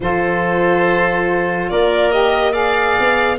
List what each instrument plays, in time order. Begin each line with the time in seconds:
0.00 tuba F3, saxophone F4, oboe A4, violin C5
1.69 tuba A#3, oboe A#4, violin D5
2.11 saxophone G4, violin D#5
2.51 saxophone G#4, oboe D5, violin F5
2.99 tuba B3